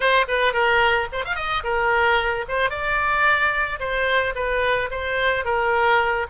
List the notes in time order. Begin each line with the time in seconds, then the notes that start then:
0.00 C5
0.28 B4
0.53 A#4
1.12 C5
1.24 F5
1.35 D#5
1.63 A#4
2.48 C5
2.70 D5
3.79 C5
4.35 B4
4.90 C5
5.44 A#4